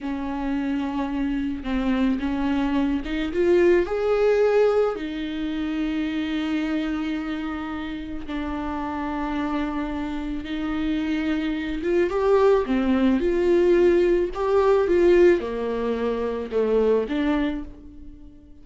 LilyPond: \new Staff \with { instrumentName = "viola" } { \time 4/4 \tempo 4 = 109 cis'2. c'4 | cis'4. dis'8 f'4 gis'4~ | gis'4 dis'2.~ | dis'2. d'4~ |
d'2. dis'4~ | dis'4. f'8 g'4 c'4 | f'2 g'4 f'4 | ais2 a4 d'4 | }